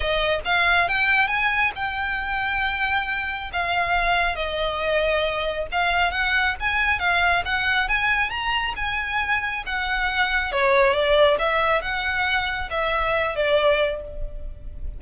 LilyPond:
\new Staff \with { instrumentName = "violin" } { \time 4/4 \tempo 4 = 137 dis''4 f''4 g''4 gis''4 | g''1 | f''2 dis''2~ | dis''4 f''4 fis''4 gis''4 |
f''4 fis''4 gis''4 ais''4 | gis''2 fis''2 | cis''4 d''4 e''4 fis''4~ | fis''4 e''4. d''4. | }